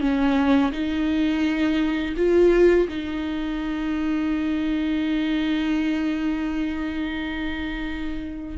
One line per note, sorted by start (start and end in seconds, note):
0.00 0.71 C#4
0.72 2.15 D#4
2.17 2.88 F4
2.89 8.58 D#4